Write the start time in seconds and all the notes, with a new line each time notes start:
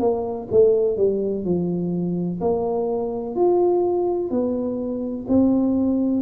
0.00 A#3
0.52 A3
0.97 G3
1.45 F3
2.41 A#3
3.35 F4
4.31 B3
5.29 C4